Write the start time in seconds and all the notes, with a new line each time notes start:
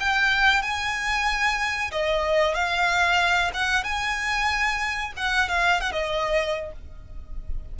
0.00 G5
0.62 G#5
1.91 D#5
2.55 F5
3.54 F#5
3.84 G#5
5.16 F#5
5.49 F5
5.81 F#5
5.92 D#5